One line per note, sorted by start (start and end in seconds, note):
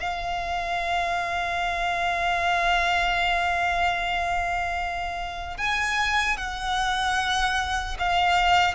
0.00 5.58 F5
5.58 6.37 G#5
6.37 7.97 F#5
7.99 8.75 F5